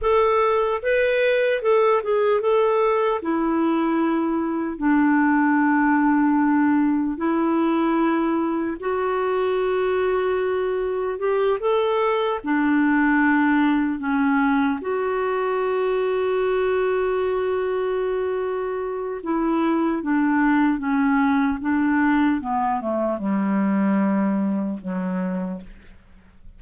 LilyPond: \new Staff \with { instrumentName = "clarinet" } { \time 4/4 \tempo 4 = 75 a'4 b'4 a'8 gis'8 a'4 | e'2 d'2~ | d'4 e'2 fis'4~ | fis'2 g'8 a'4 d'8~ |
d'4. cis'4 fis'4.~ | fis'1 | e'4 d'4 cis'4 d'4 | b8 a8 g2 fis4 | }